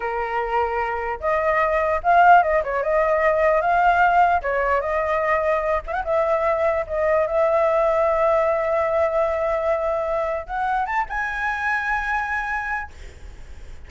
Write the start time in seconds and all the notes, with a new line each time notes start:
0.00 A#4
1.20 D#5
2.03 F5
2.42 D#5
2.63 C#5
2.83 D#5
3.61 F5
4.41 C#5
4.80 D#5
5.86 E5
5.92 F#5
6.04 E5
6.86 D#5
7.27 E5
10.47 F#5
10.85 A5
11.09 G#5